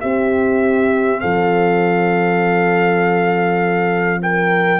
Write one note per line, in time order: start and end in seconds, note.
0.00 4.80 C4
0.00 1.23 C4
0.00 1.21 G4
0.00 1.20 E5
1.20 4.80 F3
1.20 4.21 A4
1.20 4.20 F5
4.22 4.80 A#4
4.22 4.80 G5